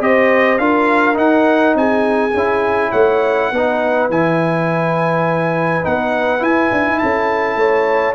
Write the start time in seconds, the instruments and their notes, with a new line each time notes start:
0.00 tuba C4, trombone G4, horn C5, trumpet D#5
0.58 tuba D4, trombone F4, horn A#4, trumpet F5
1.13 trombone D#4, tuba D#4, trumpet F#5
1.74 tuba C4, horn G#4, trumpet G#5
2.33 tuba C#4, trombone E4
2.91 tuba A3, horn C#5, trumpet F#5
3.51 tuba B3, trombone D#4, horn B4
4.09 tuba E3, trombone E4, trumpet G#5
5.82 tuba B3, trombone D#4, trumpet F#5
6.39 trombone E4, tuba E4, trumpet G#5
6.72 tuba D4
6.86 tuba D#4
6.98 tuba C#4, horn A4, trumpet A5
7.55 tuba A3, horn C#5